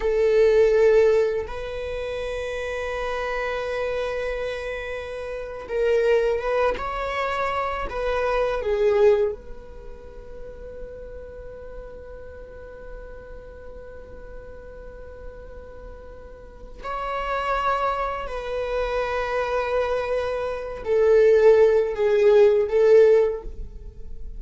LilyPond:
\new Staff \with { instrumentName = "viola" } { \time 4/4 \tempo 4 = 82 a'2 b'2~ | b'2.~ b'8. ais'16~ | ais'8. b'8 cis''4. b'4 gis'16~ | gis'8. b'2.~ b'16~ |
b'1~ | b'2. cis''4~ | cis''4 b'2.~ | b'8 a'4. gis'4 a'4 | }